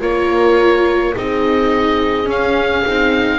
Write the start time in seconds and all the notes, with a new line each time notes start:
0.00 A#3 F4 A#4 C#5
1.15 C4 D#4 G#4 D#5
2.24 C#4 F5
2.85 C4 D#4